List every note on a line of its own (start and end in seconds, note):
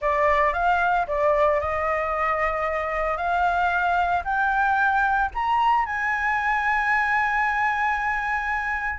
0.01 0.53 D5
0.53 1.06 F5
1.07 1.60 D5
1.60 3.17 D#5
3.17 4.23 F5
4.24 5.30 G5
5.34 5.85 A#5
5.85 8.99 G#5